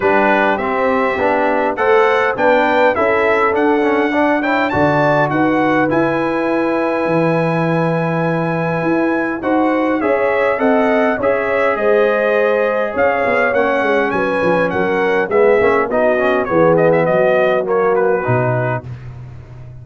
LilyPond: <<
  \new Staff \with { instrumentName = "trumpet" } { \time 4/4 \tempo 4 = 102 b'4 e''2 fis''4 | g''4 e''4 fis''4. g''8 | a''4 fis''4 gis''2~ | gis''1 |
fis''4 e''4 fis''4 e''4 | dis''2 f''4 fis''4 | gis''4 fis''4 e''4 dis''4 | cis''8 dis''16 e''16 dis''4 cis''8 b'4. | }
  \new Staff \with { instrumentName = "horn" } { \time 4/4 g'2. c''4 | b'4 a'2 d''8 cis''8 | d''4 b'2.~ | b'1 |
c''4 cis''4 dis''4 cis''4 | c''2 cis''2 | b'4 ais'4 gis'4 fis'4 | gis'4 fis'2. | }
  \new Staff \with { instrumentName = "trombone" } { \time 4/4 d'4 c'4 d'4 a'4 | d'4 e'4 d'8 cis'8 d'8 e'8 | fis'2 e'2~ | e'1 |
fis'4 gis'4 a'4 gis'4~ | gis'2. cis'4~ | cis'2 b8 cis'8 dis'8 cis'8 | b2 ais4 dis'4 | }
  \new Staff \with { instrumentName = "tuba" } { \time 4/4 g4 c'4 b4 a4 | b4 cis'4 d'2 | d4 dis'4 e'2 | e2. e'4 |
dis'4 cis'4 c'4 cis'4 | gis2 cis'8 b8 ais8 gis8 | fis8 f8 fis4 gis8 ais8 b4 | e4 fis2 b,4 | }
>>